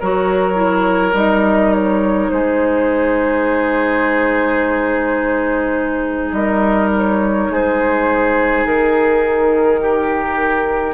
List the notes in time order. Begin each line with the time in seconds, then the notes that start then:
0.00 F#3 F#4 A#4 C#5
0.54 E4
1.13 G3 D#4 D#5
1.73 C#5
2.30 G#3 G#4 C5
6.32 G3 A#4 D#5
6.97 C#5
7.50 G#3 G#4 C5
8.66 D#3 A#4
9.81 G4